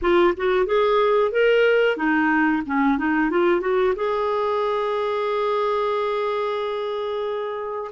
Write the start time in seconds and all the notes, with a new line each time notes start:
0.01 F4
0.36 F#4
0.66 G#4
1.31 A#4
1.96 D#4
2.66 C#4
2.98 D#4
3.30 F4
3.61 F#4
3.95 G#4